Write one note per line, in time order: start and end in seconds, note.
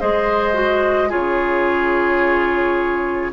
0.00 1.13 G#3
0.00 0.53 G#4
0.00 1.09 C5
0.00 1.11 D#5
0.53 1.09 F#4
1.09 3.33 C#3
1.09 3.31 F4
1.09 3.31 G#4
1.09 3.33 C#5